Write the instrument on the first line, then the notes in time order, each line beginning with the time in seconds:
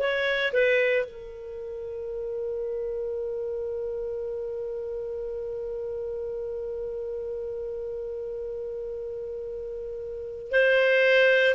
clarinet
0.00 C#5
0.53 B4
1.06 A#4
10.52 C5